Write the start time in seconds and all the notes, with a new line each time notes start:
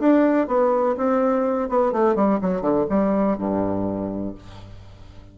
0.00 D4
0.48 B3
0.97 C4
1.70 B3
1.92 A3
2.16 G3
2.42 F#3
2.62 D3
2.90 G3
3.38 G2